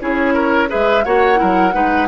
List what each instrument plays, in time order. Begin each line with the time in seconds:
0.00 bassoon C#4, clarinet E4, oboe G#4, flute C#5
0.34 oboe A#4
0.68 clarinet G#4, oboe B4, flute E5
0.74 bassoon G#3
1.05 bassoon A#3, clarinet F#4, oboe C#5, flute F#5
1.36 clarinet E4, oboe A#4
1.42 bassoon F#3
1.73 bassoon G#3, clarinet D#4, oboe B4